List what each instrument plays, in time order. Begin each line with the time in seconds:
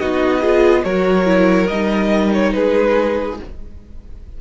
0.00 cello B3, viola D#4, violin F#4 D#5
0.40 viola F4, violin G#4
0.84 cello F#3, viola F#4, violin A#4 C#5
1.26 viola E4
1.67 cello G3, viola D#4, violin D#5
2.33 violin C#5
2.53 cello G#3, violin G#4 B4